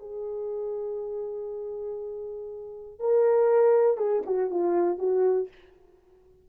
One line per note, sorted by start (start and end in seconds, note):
0.00 3.00 G#4
3.00 3.98 A#4
3.98 4.23 G#4
4.26 4.51 F#4
4.51 4.99 F4
4.99 5.49 F#4